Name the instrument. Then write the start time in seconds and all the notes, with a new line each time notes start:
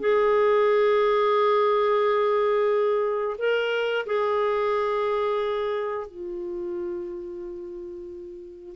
clarinet
0.00 G#4
3.39 A#4
4.06 G#4
6.07 F4